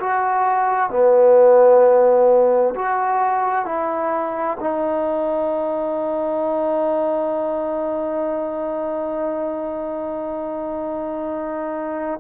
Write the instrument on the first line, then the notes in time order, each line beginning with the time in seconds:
trombone
0.00 F#4
0.90 B3
2.75 F#4
3.65 E4
4.60 D#4